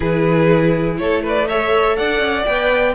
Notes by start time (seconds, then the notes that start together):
0.00 E3 E4 G#4 B4
0.97 A3 A4 C#5
1.23 B4 D5
1.48 A4 C#5 E5
1.96 D4 D5 F#5
2.19 C#4
2.45 B3 B4 G5